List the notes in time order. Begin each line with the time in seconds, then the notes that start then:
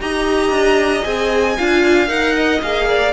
0.00 D#4 G4 D#5 A#5
0.50 D4
1.02 C4 G#4 G#5
1.57 D4 F4 F5
2.07 D#4 A#4 F#5
2.35 D#5
2.62 A#3 G#4 F5
2.89 D5